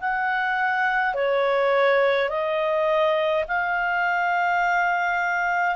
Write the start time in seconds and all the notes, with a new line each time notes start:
0.00 F#5
1.14 C#5
2.29 D#5
3.48 F5